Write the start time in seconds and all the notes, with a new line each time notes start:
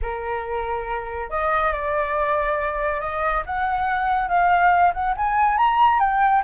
0.01 A#4
1.30 D#5
1.72 D5
3.00 D#5
3.45 F#5
4.28 F5
4.93 F#5
5.16 G#5
5.57 A#5
5.99 G5